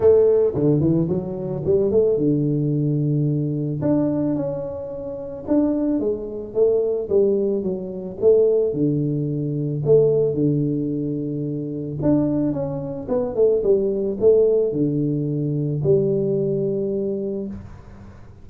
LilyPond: \new Staff \with { instrumentName = "tuba" } { \time 4/4 \tempo 4 = 110 a4 d8 e8 fis4 g8 a8 | d2. d'4 | cis'2 d'4 gis4 | a4 g4 fis4 a4 |
d2 a4 d4~ | d2 d'4 cis'4 | b8 a8 g4 a4 d4~ | d4 g2. | }